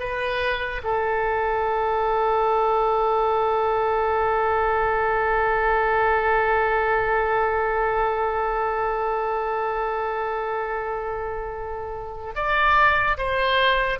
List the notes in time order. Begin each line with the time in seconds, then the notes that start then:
0.00 B4
0.84 A4
12.35 D5
13.18 C5